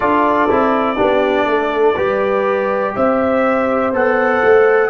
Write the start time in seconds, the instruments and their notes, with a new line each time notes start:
0.00 tuba D4, trombone F4, horn A4, trumpet D5
0.49 tuba C4, trombone E4
0.96 tuba B3, trombone D4, horn G4
1.46 tuba A3, horn A4
1.95 tuba G3, trombone G4, horn B4
2.95 tuba C4, horn C5, trumpet E5
3.92 tuba B3, trombone A4, trumpet F#5
4.44 tuba A3